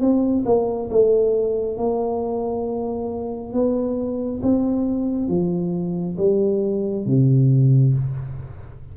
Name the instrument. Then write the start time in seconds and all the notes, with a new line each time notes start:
tuba
0.00 C4
0.45 A#3
0.90 A3
1.77 A#3
3.53 B3
4.42 C4
5.28 F3
6.17 G3
7.05 C3